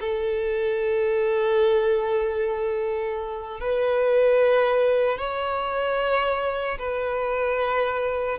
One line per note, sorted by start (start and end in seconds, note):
0.00 3.60 A4
3.60 5.18 B4
5.18 6.78 C#5
6.78 8.38 B4